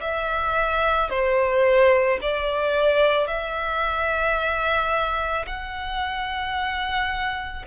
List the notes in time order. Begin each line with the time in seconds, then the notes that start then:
0.00 E5
1.09 C5
2.21 D5
3.27 E5
5.46 F#5